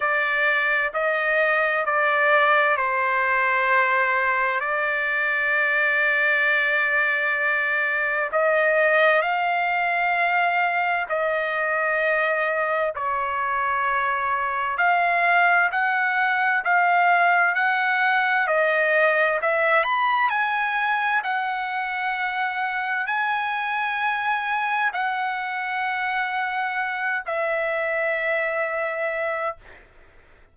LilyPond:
\new Staff \with { instrumentName = "trumpet" } { \time 4/4 \tempo 4 = 65 d''4 dis''4 d''4 c''4~ | c''4 d''2.~ | d''4 dis''4 f''2 | dis''2 cis''2 |
f''4 fis''4 f''4 fis''4 | dis''4 e''8 b''8 gis''4 fis''4~ | fis''4 gis''2 fis''4~ | fis''4. e''2~ e''8 | }